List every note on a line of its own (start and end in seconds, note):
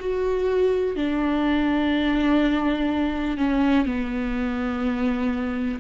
0.00 0.96 F#4
0.96 3.38 D4
3.38 3.86 C#4
3.86 5.80 B3